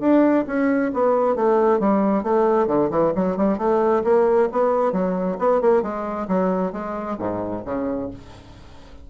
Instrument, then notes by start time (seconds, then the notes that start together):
bassoon
0.00 D4
0.47 C#4
0.94 B3
1.36 A3
1.80 G3
2.23 A3
2.67 D3
2.90 E3
3.15 F#3
3.37 G3
3.58 A3
4.04 A#3
4.52 B3
4.93 F#3
5.39 B3
5.61 A#3
5.82 G#3
6.28 F#3
6.73 G#3
7.19 G#2
7.65 C#3